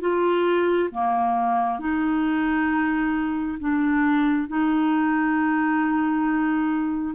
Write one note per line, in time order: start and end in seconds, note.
0.00 0.90 F4
0.90 1.79 A#3
1.79 3.58 D#4
3.59 4.48 D4
4.48 7.15 D#4